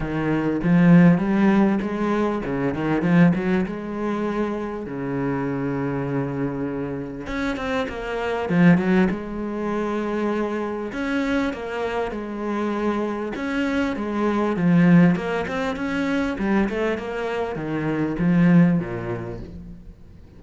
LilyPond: \new Staff \with { instrumentName = "cello" } { \time 4/4 \tempo 4 = 99 dis4 f4 g4 gis4 | cis8 dis8 f8 fis8 gis2 | cis1 | cis'8 c'8 ais4 f8 fis8 gis4~ |
gis2 cis'4 ais4 | gis2 cis'4 gis4 | f4 ais8 c'8 cis'4 g8 a8 | ais4 dis4 f4 ais,4 | }